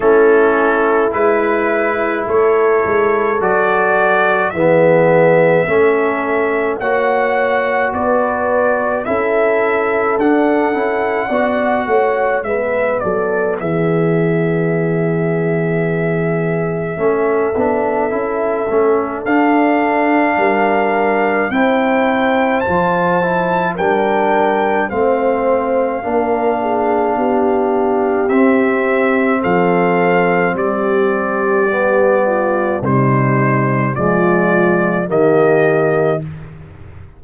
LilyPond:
<<
  \new Staff \with { instrumentName = "trumpet" } { \time 4/4 \tempo 4 = 53 a'4 b'4 cis''4 d''4 | e''2 fis''4 d''4 | e''4 fis''2 e''8 d''8 | e''1~ |
e''4 f''2 g''4 | a''4 g''4 f''2~ | f''4 e''4 f''4 d''4~ | d''4 c''4 d''4 dis''4 | }
  \new Staff \with { instrumentName = "horn" } { \time 4/4 e'2 a'2 | gis'4 a'4 cis''4 b'4 | a'2 d''8 cis''8 b'8 a'8 | gis'2. a'4~ |
a'2 ais'4 c''4~ | c''4 ais'4 c''4 ais'8 gis'8 | g'2 a'4 g'4~ | g'8 f'8 dis'4 f'4 g'4 | }
  \new Staff \with { instrumentName = "trombone" } { \time 4/4 cis'4 e'2 fis'4 | b4 cis'4 fis'2 | e'4 d'8 e'8 fis'4 b4~ | b2. cis'8 d'8 |
e'8 cis'8 d'2 e'4 | f'8 e'8 d'4 c'4 d'4~ | d'4 c'2. | b4 g4 gis4 ais4 | }
  \new Staff \with { instrumentName = "tuba" } { \time 4/4 a4 gis4 a8 gis8 fis4 | e4 a4 ais4 b4 | cis'4 d'8 cis'8 b8 a8 gis8 fis8 | e2. a8 b8 |
cis'8 a8 d'4 g4 c'4 | f4 g4 a4 ais4 | b4 c'4 f4 g4~ | g4 c4 f4 dis4 | }
>>